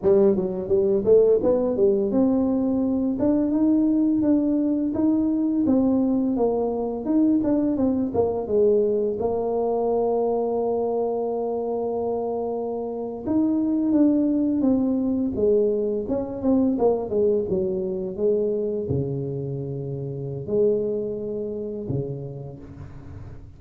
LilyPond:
\new Staff \with { instrumentName = "tuba" } { \time 4/4 \tempo 4 = 85 g8 fis8 g8 a8 b8 g8 c'4~ | c'8 d'8 dis'4 d'4 dis'4 | c'4 ais4 dis'8 d'8 c'8 ais8 | gis4 ais2.~ |
ais2~ ais8. dis'4 d'16~ | d'8. c'4 gis4 cis'8 c'8 ais16~ | ais16 gis8 fis4 gis4 cis4~ cis16~ | cis4 gis2 cis4 | }